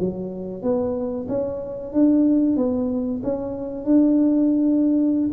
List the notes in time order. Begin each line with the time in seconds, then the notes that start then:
0.00 F#3
0.62 B3
1.29 C#4
1.93 D4
2.57 B3
3.23 C#4
3.85 D4